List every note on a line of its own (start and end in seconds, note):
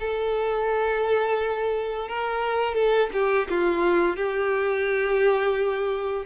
0.00 2.09 A4
2.09 2.75 A#4
2.75 3.10 A4
3.13 3.48 G4
3.50 4.17 F4
4.17 6.26 G4